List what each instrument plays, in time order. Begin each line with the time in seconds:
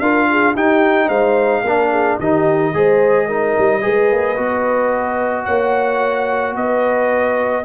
0.00 tuba D4, trombone F4, horn A#4, trumpet F5
0.31 horn G#4
0.54 tuba D#4, trombone D#4, horn G4, trumpet G5
1.07 tuba G#3, horn C5, trumpet F5
1.64 tuba A#3, trombone D4, horn A#4
1.91 horn G#4
2.19 tuba D#3, trombone D#4, horn G4, trumpet D#5
2.74 tuba G#3, trombone G#4, horn C5
3.27 trombone D#4, horn A#4
3.59 tuba G3
3.82 tuba G#3, trombone G#4, horn B4
4.12 tuba A#3
4.37 tuba B3, trombone F#4
5.45 tuba A#3, horn C#5, trumpet F#5
6.56 tuba B3, horn B4, trumpet D#5